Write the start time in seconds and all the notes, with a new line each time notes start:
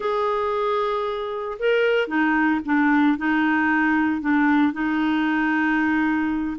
0.00 G#4
1.59 A#4
2.07 D#4
2.65 D4
3.17 D#4
4.21 D4
4.72 D#4